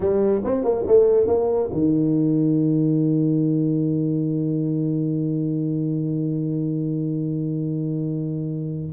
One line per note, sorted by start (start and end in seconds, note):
0.00 0.41 G3
0.44 0.64 C4
0.64 0.85 A#3
0.86 1.27 A3
1.27 1.69 A#3
1.72 8.93 D#3